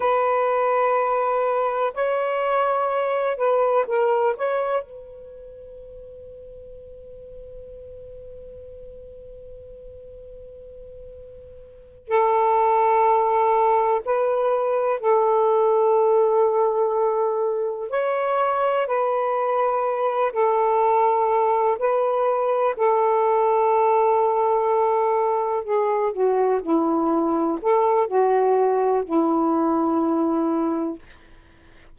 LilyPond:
\new Staff \with { instrumentName = "saxophone" } { \time 4/4 \tempo 4 = 62 b'2 cis''4. b'8 | ais'8 cis''8 b'2.~ | b'1~ | b'8 a'2 b'4 a'8~ |
a'2~ a'8 cis''4 b'8~ | b'4 a'4. b'4 a'8~ | a'2~ a'8 gis'8 fis'8 e'8~ | e'8 a'8 fis'4 e'2 | }